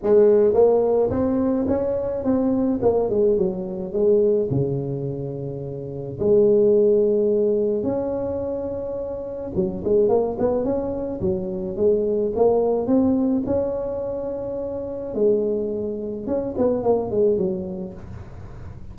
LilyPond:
\new Staff \with { instrumentName = "tuba" } { \time 4/4 \tempo 4 = 107 gis4 ais4 c'4 cis'4 | c'4 ais8 gis8 fis4 gis4 | cis2. gis4~ | gis2 cis'2~ |
cis'4 fis8 gis8 ais8 b8 cis'4 | fis4 gis4 ais4 c'4 | cis'2. gis4~ | gis4 cis'8 b8 ais8 gis8 fis4 | }